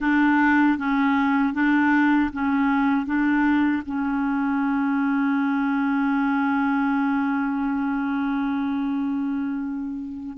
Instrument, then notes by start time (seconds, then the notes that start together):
clarinet
0.00 D4
0.78 C#4
1.53 D4
2.33 C#4
3.06 D4
3.85 C#4